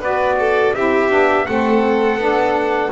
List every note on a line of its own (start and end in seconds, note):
0.00 0.72 B3
0.00 0.75 F#4
0.00 0.36 B4
0.00 0.75 D5
0.40 0.76 A4
0.75 1.11 C4
0.75 1.10 E4
0.75 1.48 G4
0.75 1.47 E5
1.10 1.47 B3
1.10 1.46 D4
1.47 2.17 A3
1.47 2.19 C4
1.47 2.92 A4
1.47 2.91 F#5
2.17 2.89 B3
2.17 2.91 D4